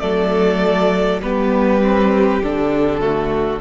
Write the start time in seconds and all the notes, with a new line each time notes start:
0.00 F#3 A3 A4 D5
1.22 G3 B3 G4 B4
1.82 C4
2.42 D3 D4 A4
3.00 A3 F#4